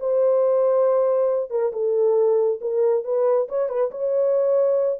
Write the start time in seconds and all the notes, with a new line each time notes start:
0.00 C5
1.50 A#4
1.73 A4
2.61 A#4
3.05 B4
3.49 C#5
3.69 B4
3.91 C#5